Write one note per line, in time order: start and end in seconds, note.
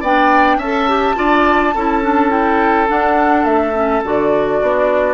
0.00 0.57 B3
0.00 0.62 D4
0.00 0.57 D5
0.00 0.59 G5
0.57 1.14 C#4
0.57 1.15 E5
0.57 2.30 A5
0.63 0.88 A4
0.88 1.15 G4
1.15 1.75 D4
1.15 1.73 F4
1.15 1.75 D5
1.75 2.89 C#4
1.75 2.03 E4
1.75 4.60 A4
2.03 2.30 D4
2.30 2.87 E4
2.30 2.87 G5
2.87 3.73 D4
2.87 3.45 D4
2.87 3.44 F#5
3.44 4.02 A3
3.44 4.02 E5
3.74 4.03 C#4
4.04 4.61 D3
4.04 5.14 F#4
4.04 5.14 D5
4.60 5.14 B3
4.60 5.14 D4